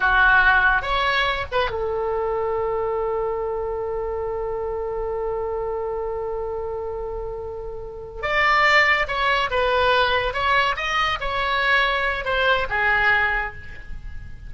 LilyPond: \new Staff \with { instrumentName = "oboe" } { \time 4/4 \tempo 4 = 142 fis'2 cis''4. b'8 | a'1~ | a'1~ | a'1~ |
a'2.~ a'8 d''8~ | d''4. cis''4 b'4.~ | b'8 cis''4 dis''4 cis''4.~ | cis''4 c''4 gis'2 | }